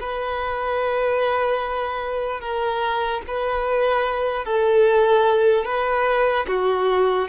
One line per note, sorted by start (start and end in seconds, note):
0.00 2.40 B4
2.40 3.21 A#4
3.27 4.45 B4
4.45 5.65 A4
5.65 6.46 B4
6.47 7.28 F#4